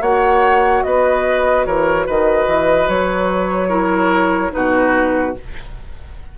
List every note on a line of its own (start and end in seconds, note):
0.00 0.83 A#3
0.00 3.70 F#4
0.00 0.84 C#5
0.00 0.83 F#5
0.83 1.66 B3
0.83 1.67 B4
0.83 1.66 D#5
1.66 2.07 E3
1.66 2.06 A#4
1.66 2.07 C#5
2.06 2.47 D#3
2.06 3.69 B4
2.06 2.89 D#5
2.47 2.88 E3
2.89 4.53 F#3
2.89 4.53 C#5
3.69 4.51 E4
3.69 4.51 A#4
4.51 5.37 B2
4.51 5.33 D#4
4.51 5.38 F#4
4.51 5.35 B4